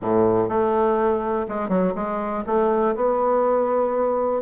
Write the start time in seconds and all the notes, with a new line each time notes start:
0.01 A2
0.49 A3
1.48 G#3
1.68 F#3
1.95 G#3
2.46 A3
2.95 B3